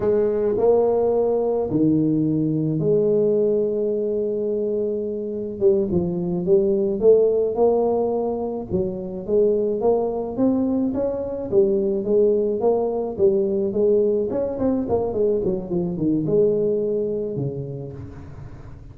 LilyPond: \new Staff \with { instrumentName = "tuba" } { \time 4/4 \tempo 4 = 107 gis4 ais2 dis4~ | dis4 gis2.~ | gis2 g8 f4 g8~ | g8 a4 ais2 fis8~ |
fis8 gis4 ais4 c'4 cis'8~ | cis'8 g4 gis4 ais4 g8~ | g8 gis4 cis'8 c'8 ais8 gis8 fis8 | f8 dis8 gis2 cis4 | }